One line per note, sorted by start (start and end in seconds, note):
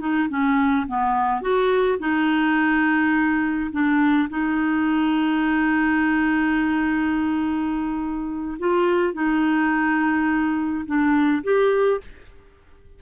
0.00 0.29 D#4
0.29 0.86 C#4
0.87 1.42 B3
1.42 1.99 F#4
1.99 3.70 D#4
3.71 4.29 D4
4.29 8.58 D#4
8.59 9.14 F4
9.14 10.85 D#4
10.86 11.43 D4
11.44 12.01 G4